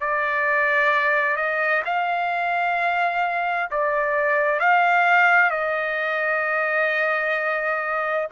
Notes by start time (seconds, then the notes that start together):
0.00 D5
1.36 D#5
1.85 F5
3.71 D5
4.59 F5
5.50 D#5